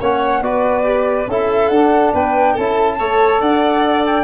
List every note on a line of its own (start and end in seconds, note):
0.00 0.42 A#3
0.00 0.43 C#4
0.00 0.43 C#5
0.00 0.43 F#5
0.42 1.27 B3
0.42 0.84 F#4
0.42 1.30 B4
0.42 1.28 D5
0.84 1.27 G4
1.27 1.70 C#4
1.27 1.74 E4
1.27 2.15 A4
1.27 1.68 E5
1.68 2.12 D4
1.68 2.59 D4
1.68 2.11 F#5
2.14 2.57 B3
2.14 2.53 B4
2.14 2.57 G5
2.53 3.00 C#4
2.53 3.00 E4
2.53 2.96 A4
2.53 3.41 A5
2.99 3.41 A3
2.99 4.24 A4
2.99 3.42 C#5
3.41 4.24 D4
3.41 4.24 D5
3.41 4.05 F#5
4.06 4.24 G5